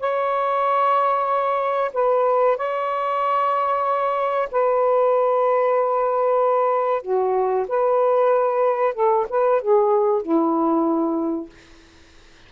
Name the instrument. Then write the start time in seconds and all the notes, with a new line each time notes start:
saxophone
0.00 C#5
1.94 B4
2.57 C#5
4.51 B4
7.02 F#4
7.69 B4
8.94 A4
9.30 B4
9.62 G#4
10.22 E4